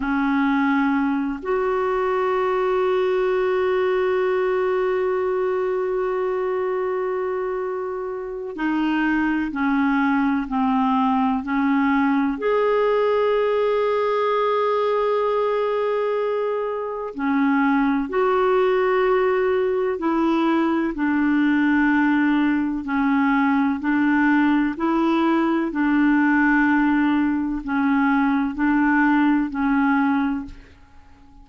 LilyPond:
\new Staff \with { instrumentName = "clarinet" } { \time 4/4 \tempo 4 = 63 cis'4. fis'2~ fis'8~ | fis'1~ | fis'4 dis'4 cis'4 c'4 | cis'4 gis'2.~ |
gis'2 cis'4 fis'4~ | fis'4 e'4 d'2 | cis'4 d'4 e'4 d'4~ | d'4 cis'4 d'4 cis'4 | }